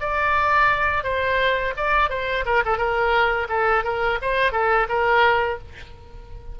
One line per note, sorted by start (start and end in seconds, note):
0.00 1.04 D5
1.04 1.74 C5
1.77 2.10 D5
2.10 2.45 C5
2.46 2.63 A#4
2.65 2.77 A4
2.77 3.47 A#4
3.49 3.84 A4
3.84 4.19 A#4
4.22 4.52 C5
4.52 4.87 A4
4.89 5.59 A#4